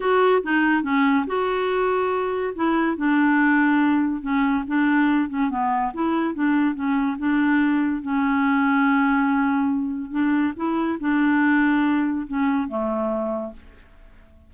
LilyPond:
\new Staff \with { instrumentName = "clarinet" } { \time 4/4 \tempo 4 = 142 fis'4 dis'4 cis'4 fis'4~ | fis'2 e'4 d'4~ | d'2 cis'4 d'4~ | d'8 cis'8 b4 e'4 d'4 |
cis'4 d'2 cis'4~ | cis'1 | d'4 e'4 d'2~ | d'4 cis'4 a2 | }